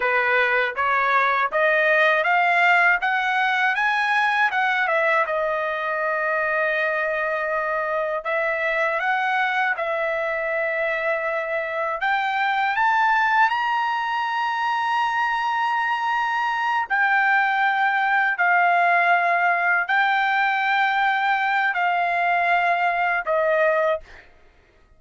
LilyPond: \new Staff \with { instrumentName = "trumpet" } { \time 4/4 \tempo 4 = 80 b'4 cis''4 dis''4 f''4 | fis''4 gis''4 fis''8 e''8 dis''4~ | dis''2. e''4 | fis''4 e''2. |
g''4 a''4 ais''2~ | ais''2~ ais''8 g''4.~ | g''8 f''2 g''4.~ | g''4 f''2 dis''4 | }